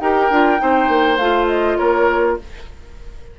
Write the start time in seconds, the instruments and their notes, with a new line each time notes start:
0.00 bassoon D#4, clarinet G4, oboe A#4, flute G5
0.30 bassoon D4, clarinet F4
0.58 bassoon C4, clarinet D#4, oboe C5
0.89 bassoon A#3
1.17 bassoon A3, clarinet F4, flute F5
1.47 flute D#5
1.77 bassoon A#3, oboe A#4, flute C#5